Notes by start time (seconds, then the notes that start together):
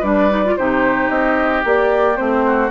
0.00 G3 D4 B4 D5
0.30 D#4
0.45 F4
0.57 C3 D#4 G4 C5
1.09 C4 D#5
1.64 A#3 G4 D5
2.16 A3 C4 C5
2.46 F#4